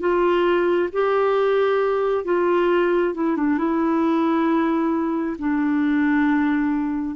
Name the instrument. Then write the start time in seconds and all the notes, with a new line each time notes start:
clarinet
0.00 F4
0.93 G4
2.25 F4
3.15 E4
3.37 D4
3.58 E4
5.39 D4